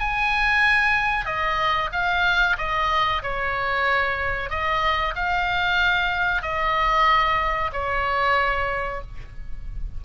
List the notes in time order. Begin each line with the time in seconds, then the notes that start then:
0.00 G#5
1.26 D#5
1.92 F5
2.58 D#5
3.23 C#5
4.50 D#5
5.15 F5
6.42 D#5
7.73 C#5